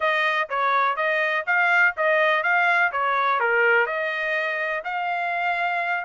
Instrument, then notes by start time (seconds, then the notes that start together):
trumpet
0.00 D#5
0.49 C#5
0.96 D#5
1.46 F5
1.96 D#5
2.43 F5
2.92 C#5
3.39 A#4
3.86 D#5
4.84 F5